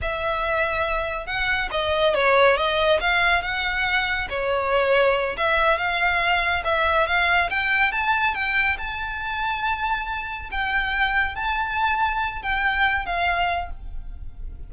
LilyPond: \new Staff \with { instrumentName = "violin" } { \time 4/4 \tempo 4 = 140 e''2. fis''4 | dis''4 cis''4 dis''4 f''4 | fis''2 cis''2~ | cis''8 e''4 f''2 e''8~ |
e''8 f''4 g''4 a''4 g''8~ | g''8 a''2.~ a''8~ | a''8 g''2 a''4.~ | a''4 g''4. f''4. | }